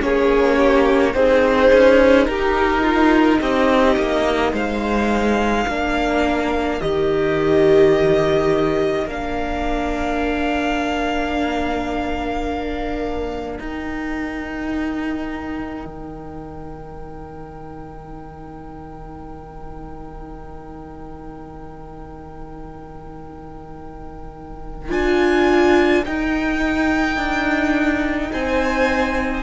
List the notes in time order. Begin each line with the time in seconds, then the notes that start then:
0.00 A#3 C#4 G#4 C#5
0.57 G4
1.14 C4 D#4 G#4 C5
1.73 C#4
2.26 D#4 G4 A#4
2.83 F4
3.41 C4 G4 D#5
3.96 A#3
4.53 G#3 C5 F5
5.67 A#3 D4 A#4
6.81 D#3 G4 D#5
9.06 A#3 D4 F5
13.59 D#4 G5
15.86 D#3
24.90 D4 F4 G#5
26.05 D#4 G5
27.17 D4
28.33 C4 C5 G#5